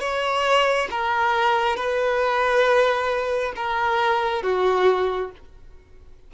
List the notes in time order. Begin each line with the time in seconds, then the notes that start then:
0.00 C#5
0.91 A#4
1.76 B4
3.56 A#4
4.43 F#4